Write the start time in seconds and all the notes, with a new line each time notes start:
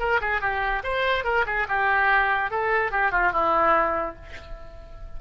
0.00 A#4
0.21 G#4
0.41 G4
0.84 C5
1.24 A#4
1.47 G#4
1.69 G4
2.51 A4
2.92 G4
3.12 F4
3.33 E4